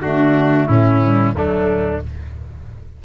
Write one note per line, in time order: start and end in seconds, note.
0.00 0.67 D3
0.00 1.02 A3
0.00 0.69 D4
0.00 0.67 F#4
0.67 1.34 A2
0.67 1.35 C#4
0.67 1.34 E4
1.02 1.34 G3
1.34 2.01 D2
1.34 2.01 F#3
1.34 2.02 A3
1.34 2.04 D4